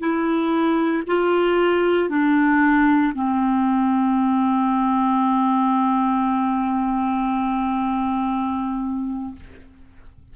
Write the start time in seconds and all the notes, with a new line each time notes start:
0.00 E4
1.07 F4
2.10 D4
3.15 C4